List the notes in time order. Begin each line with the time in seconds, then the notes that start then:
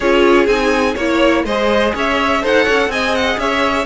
0.00 C#4 F4 G#4 C#5
0.46 C4 D#4 G#5
0.94 A#3 E4 C#5
1.44 G#3 G#4 C5 D#5
1.94 C#4 C#5 E5
2.41 D#4 A4 C5 F#5
2.64 C#4 C#5
2.88 C4 G#4 D#5 G#5
3.15 F#5
3.37 C#4 C#5 E5